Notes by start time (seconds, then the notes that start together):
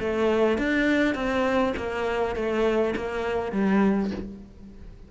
0.00 A3
0.58 D4
1.15 C4
1.77 A#3
2.36 A3
2.96 A#3
3.52 G3